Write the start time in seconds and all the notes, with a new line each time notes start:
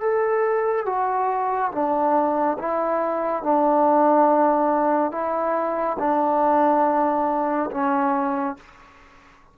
0.00 A4
0.85 F#4
1.71 D4
2.58 E4
3.43 D4
5.11 E4
5.99 D4
7.71 C#4